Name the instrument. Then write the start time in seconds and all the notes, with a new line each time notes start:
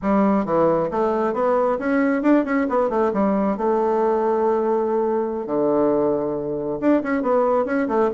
bassoon
0.01 G3
0.45 E3
0.91 A3
1.33 B3
1.78 C#4
2.22 D4
2.44 C#4
2.69 B3
2.89 A3
3.13 G3
3.57 A3
5.46 D3
6.80 D4
7.03 C#4
7.22 B3
7.65 C#4
7.87 A3